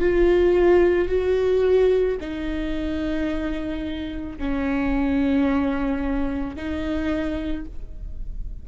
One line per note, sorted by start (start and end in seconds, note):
0.00 1.08 F4
1.08 2.17 F#4
2.20 4.38 D#4
4.38 6.56 C#4
6.56 7.65 D#4